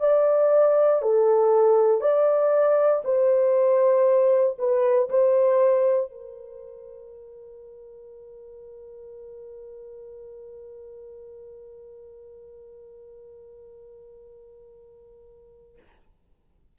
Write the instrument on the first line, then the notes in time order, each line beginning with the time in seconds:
horn
0.00 D5
1.02 A4
2.01 D5
3.04 C5
4.58 B4
5.09 C5
6.11 A#4